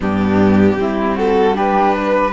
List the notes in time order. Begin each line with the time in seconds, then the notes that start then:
0.00 G2 B3 D4 G4
0.77 G3 C4 E4
1.15 F#4 A4
1.54 D4 G4 B4
1.95 B4